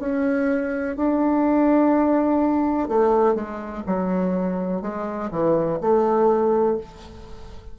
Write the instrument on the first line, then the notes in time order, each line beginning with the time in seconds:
bassoon
0.00 C#4
0.97 D4
2.89 A3
3.35 G#3
3.87 F#3
4.82 G#3
5.31 E3
5.82 A3